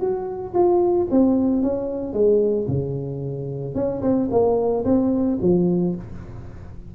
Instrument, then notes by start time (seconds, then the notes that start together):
tuba
0.00 F#4
0.54 F4
1.11 C4
1.62 C#4
2.13 G#3
2.68 C#3
3.75 C#4
4.02 C4
4.31 A#3
4.85 C4
5.42 F3